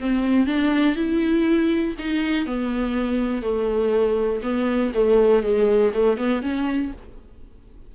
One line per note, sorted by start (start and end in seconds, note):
0.00 0.46 C4
0.46 0.96 D4
0.96 1.95 E4
1.99 2.46 D#4
2.46 3.42 B3
3.42 4.41 A3
4.42 4.92 B3
4.94 5.42 A3
5.42 5.92 G#3
5.94 6.17 A3
6.17 6.42 B3
6.42 6.92 C#4